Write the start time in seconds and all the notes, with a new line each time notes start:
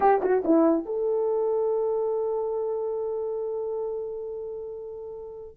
0.00 G4
0.21 F#4
0.44 E4
0.85 A4